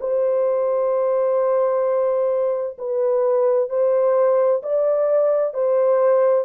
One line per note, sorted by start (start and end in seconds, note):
0.00 2.77 C5
2.78 3.69 B4
3.69 4.62 C5
4.62 5.53 D5
5.53 6.45 C5